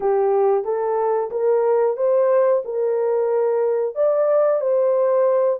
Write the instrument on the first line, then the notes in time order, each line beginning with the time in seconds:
horn
0.00 G4
0.64 A4
1.30 A#4
1.97 C5
2.64 A#4
3.95 D5
4.60 C5